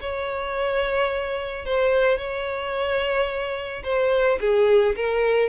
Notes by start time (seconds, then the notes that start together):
0.00 C#5
1.65 C5
2.17 C#5
3.83 C5
4.40 G#4
4.95 A#4